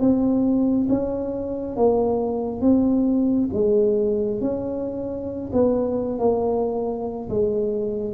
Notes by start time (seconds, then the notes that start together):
0.00 C4
0.89 C#4
1.76 A#3
2.61 C4
3.53 G#3
4.41 C#4
5.53 B3
6.19 A#3
7.29 G#3